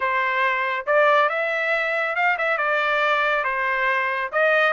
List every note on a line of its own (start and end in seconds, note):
0.00 0.86 C5
0.86 1.29 D5
1.29 2.15 E5
2.15 2.37 F5
2.38 2.57 E5
2.57 3.43 D5
3.44 4.30 C5
4.32 4.73 D#5